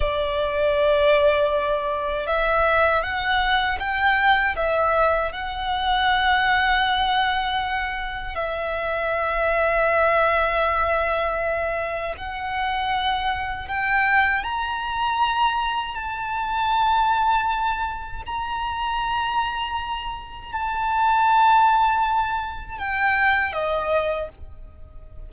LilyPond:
\new Staff \with { instrumentName = "violin" } { \time 4/4 \tempo 4 = 79 d''2. e''4 | fis''4 g''4 e''4 fis''4~ | fis''2. e''4~ | e''1 |
fis''2 g''4 ais''4~ | ais''4 a''2. | ais''2. a''4~ | a''2 g''4 dis''4 | }